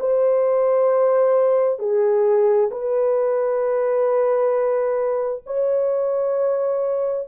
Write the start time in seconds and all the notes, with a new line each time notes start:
0.00 C5
1.79 G#4
2.71 B4
5.46 C#5